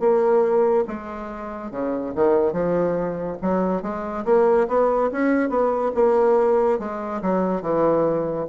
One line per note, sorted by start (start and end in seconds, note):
0.00 0.85 A#3
0.88 1.72 G#3
1.72 2.14 C#3
2.15 2.53 D#3
2.53 3.38 F3
3.42 3.83 F#3
3.83 4.25 G#3
4.26 4.68 A#3
4.68 5.10 B3
5.12 5.50 C#4
5.50 5.92 B3
5.95 6.80 A#3
6.80 7.22 G#3
7.23 7.62 F#3
7.62 8.47 E3